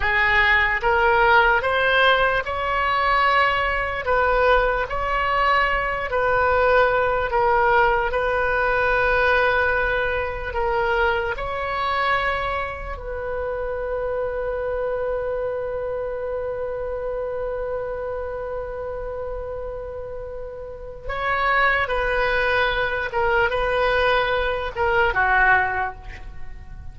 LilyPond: \new Staff \with { instrumentName = "oboe" } { \time 4/4 \tempo 4 = 74 gis'4 ais'4 c''4 cis''4~ | cis''4 b'4 cis''4. b'8~ | b'4 ais'4 b'2~ | b'4 ais'4 cis''2 |
b'1~ | b'1~ | b'2 cis''4 b'4~ | b'8 ais'8 b'4. ais'8 fis'4 | }